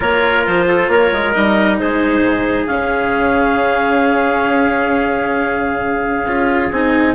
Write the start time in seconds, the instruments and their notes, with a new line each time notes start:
0.00 bassoon A#3, cello F4, trumpet A#4, clarinet C#5
0.46 bassoon F3, clarinet C5
0.68 trumpet A4
0.87 bassoon A#3, trumpet A#4, clarinet C#5
1.12 bassoon G#3
1.32 bassoon G3, cello D#4, clarinet D#5
1.79 bassoon G#3, trumpet G#4, clarinet C5
2.20 bassoon G#2
2.67 bassoon C#3, cello C#4, clarinet F5
6.25 bassoon C#4, cello F4
6.71 bassoon C4, cello D#4, clarinet G#5